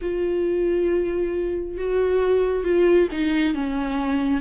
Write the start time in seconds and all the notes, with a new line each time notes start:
0.01 F4
1.77 F#4
2.64 F4
3.11 D#4
3.54 C#4